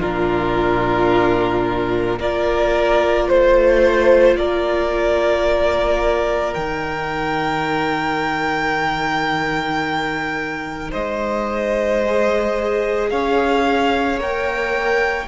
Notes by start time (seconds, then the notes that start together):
0.00 A#2 D4 F4 A#4
2.19 A#3 F4 A#4 D5
3.28 A3 C5
4.35 A#3 A#4 D5
6.54 D#3 D#4 G5
10.91 G#3 C5 D#5
12.04 G#4
13.10 C#4 C#5 F5
14.19 A#3 A#4 G5